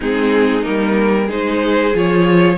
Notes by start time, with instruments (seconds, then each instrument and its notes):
0.00 cello G#3, viola C4, violin D#4 G#4
0.62 cello G3, viola A#3, violin A#4
1.26 cello G#3, viola D#4, violin G#4 C5
1.93 cello F3, viola F4, violin C#5